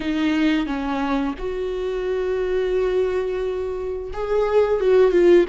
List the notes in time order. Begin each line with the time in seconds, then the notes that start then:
0.00 D#4
0.66 C#4
1.38 F#4
4.12 G#4
4.80 F#4
5.11 F4